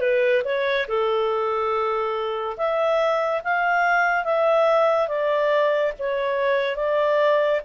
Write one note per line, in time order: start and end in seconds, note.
0.00 0.42 B4
0.44 0.86 C#5
0.88 2.57 A4
2.57 3.41 E5
3.44 4.24 F5
4.24 5.08 E5
5.08 5.92 D5
5.98 6.76 C#5
6.76 7.60 D5